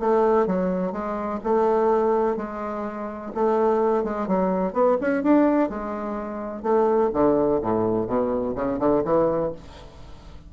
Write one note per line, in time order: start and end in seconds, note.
0.00 0.47 A3
0.47 0.93 F#3
0.93 1.40 G#3
1.44 2.37 A3
2.37 3.32 G#3
3.35 4.04 A3
4.04 4.28 G#3
4.28 4.73 F#3
4.73 4.97 B3
5.01 5.23 C#4
5.23 5.70 D4
5.70 6.63 G#3
6.63 7.11 A3
7.14 7.61 D3
7.62 8.07 A2
8.07 8.55 B2
8.56 8.79 C#3
8.79 9.03 D3
9.05 9.53 E3